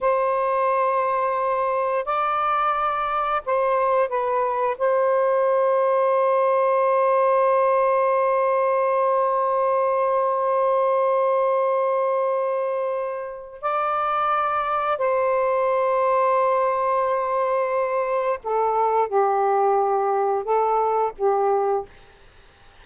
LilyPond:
\new Staff \with { instrumentName = "saxophone" } { \time 4/4 \tempo 4 = 88 c''2. d''4~ | d''4 c''4 b'4 c''4~ | c''1~ | c''1~ |
c''1 | d''2 c''2~ | c''2. a'4 | g'2 a'4 g'4 | }